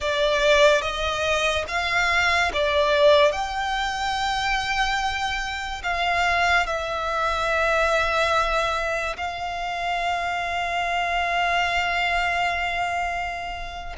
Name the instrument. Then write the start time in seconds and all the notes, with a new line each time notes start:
violin
0.00 D5
0.81 D#5
1.68 F5
2.53 D5
3.32 G5
5.83 F5
6.66 E5
9.16 F5